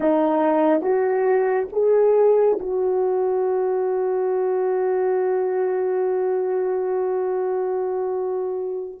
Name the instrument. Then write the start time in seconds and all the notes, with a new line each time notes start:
horn
0.00 D#4
0.81 F#4
1.72 G#4
2.59 F#4